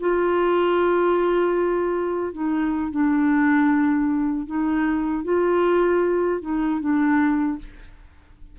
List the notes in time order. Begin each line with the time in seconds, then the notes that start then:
0.00 F4
2.33 D#4
2.91 D4
4.46 D#4
5.24 F4
6.41 D#4
6.80 D4